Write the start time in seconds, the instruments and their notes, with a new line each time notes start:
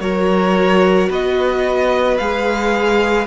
0.00 cello F#3, viola F#4, violin A#4 C#5
1.09 cello B3, violin B4 D#5
2.17 cello G#3, viola G#4, violin F5